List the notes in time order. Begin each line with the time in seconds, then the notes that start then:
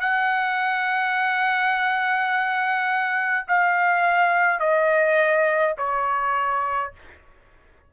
0.00 F#5
3.48 F5
4.60 D#5
5.78 C#5